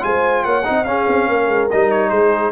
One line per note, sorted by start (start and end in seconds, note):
0.00 0.45 G#3
0.00 0.62 F4
0.00 0.44 C5
0.00 0.43 G#5
0.43 0.66 A#3
0.43 0.65 C#5
0.43 0.84 F#5
0.64 0.84 C4
0.64 0.85 D#4
0.64 0.87 D#5
0.84 1.05 C#4
0.84 1.70 C#4
0.84 1.28 G#4
0.84 1.67 F5
1.07 1.27 C4
1.27 1.47 A#3
1.27 2.09 A#4
1.47 1.68 G#3
1.70 2.11 G3
1.70 2.51 D#4
1.70 1.91 D#5
1.91 2.09 C#5
2.09 2.51 G#3
2.09 2.50 G#4
2.09 2.51 C5